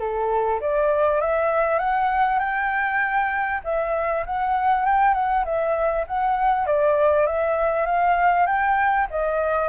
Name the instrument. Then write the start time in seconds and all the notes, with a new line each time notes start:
flute
0.00 A4
0.61 D5
1.21 E5
1.79 F#5
2.40 G5
3.65 E5
4.26 F#5
4.86 G5
5.15 F#5
5.45 E5
6.07 F#5
6.67 D5
7.27 E5
7.87 F5
8.47 G5
9.11 D#5